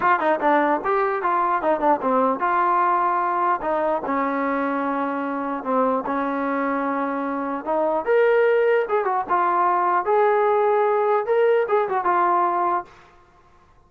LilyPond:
\new Staff \with { instrumentName = "trombone" } { \time 4/4 \tempo 4 = 149 f'8 dis'8 d'4 g'4 f'4 | dis'8 d'8 c'4 f'2~ | f'4 dis'4 cis'2~ | cis'2 c'4 cis'4~ |
cis'2. dis'4 | ais'2 gis'8 fis'8 f'4~ | f'4 gis'2. | ais'4 gis'8 fis'8 f'2 | }